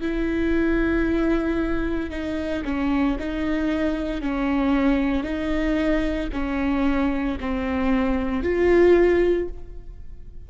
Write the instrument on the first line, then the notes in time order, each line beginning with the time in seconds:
viola
0.00 E4
2.10 D#4
2.64 C#4
3.19 D#4
4.21 C#4
5.23 D#4
6.32 C#4
7.40 C4
8.43 F4